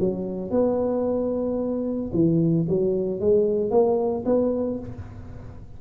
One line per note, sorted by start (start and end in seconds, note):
0.00 0.50 F#3
0.50 2.11 B3
2.13 2.67 E3
2.69 3.20 F#3
3.20 3.71 G#3
3.71 4.24 A#3
4.25 4.79 B3